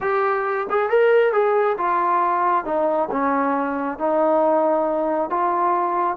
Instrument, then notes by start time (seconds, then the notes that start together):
trombone
0.01 G4
0.70 G#4
0.89 A#4
1.32 G#4
1.77 F4
2.64 D#4
3.11 C#4
3.98 D#4
5.29 F4